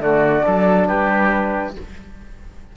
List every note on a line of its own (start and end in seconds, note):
0.00 0.44 D3
0.00 0.42 A3
0.00 0.46 F#4
0.00 0.87 D5
0.42 0.89 F#3
0.42 1.73 D4
0.42 0.88 A4
0.87 1.76 G3
0.87 1.75 G4
0.87 1.75 B4